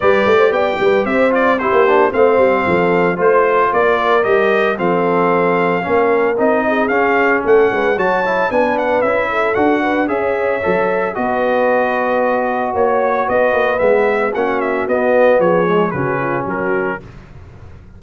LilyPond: <<
  \new Staff \with { instrumentName = "trumpet" } { \time 4/4 \tempo 4 = 113 d''4 g''4 e''8 d''8 c''4 | f''2 c''4 d''4 | dis''4 f''2. | dis''4 f''4 fis''4 a''4 |
gis''8 fis''8 e''4 fis''4 e''4~ | e''4 dis''2. | cis''4 dis''4 e''4 fis''8 e''8 | dis''4 cis''4 b'4 ais'4 | }
  \new Staff \with { instrumentName = "horn" } { \time 4/4 b'8. c''16 d''8 b'8 c''4 g'4 | c''4 a'4 c''4 ais'4~ | ais'4 a'2 ais'4~ | ais'8 gis'4. a'8 b'8 cis''4 |
b'4. a'4 b'8 cis''4~ | cis''4 b'2. | cis''4 b'2 fis'4~ | fis'4 gis'4 fis'8 f'8 fis'4 | }
  \new Staff \with { instrumentName = "trombone" } { \time 4/4 g'2~ g'8 f'8 e'8 d'8 | c'2 f'2 | g'4 c'2 cis'4 | dis'4 cis'2 fis'8 e'8 |
d'4 e'4 fis'4 gis'4 | a'4 fis'2.~ | fis'2 b4 cis'4 | b4. gis8 cis'2 | }
  \new Staff \with { instrumentName = "tuba" } { \time 4/4 g8 a8 b8 g8 c'4~ c'16 ais8. | a8 g8 f4 a4 ais4 | g4 f2 ais4 | c'4 cis'4 a8 gis8 fis4 |
b4 cis'4 d'4 cis'4 | fis4 b2. | ais4 b8 ais8 gis4 ais4 | b4 f4 cis4 fis4 | }
>>